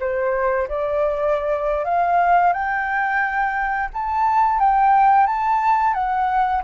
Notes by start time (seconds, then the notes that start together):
0.00 C5
0.68 D5
1.85 F5
2.53 G5
3.94 A5
4.60 G5
5.27 A5
5.94 F#5